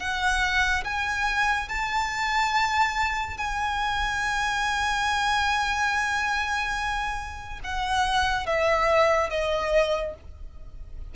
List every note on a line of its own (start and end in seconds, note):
0.00 0.85 F#5
0.85 1.69 G#5
1.69 3.38 A5
3.38 7.60 G#5
7.64 8.47 F#5
8.47 9.30 E5
9.30 10.15 D#5